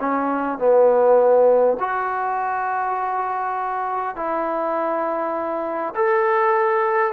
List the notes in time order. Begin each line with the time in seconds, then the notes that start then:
0.00 C#4
0.59 B3
1.80 F#4
4.16 E4
5.95 A4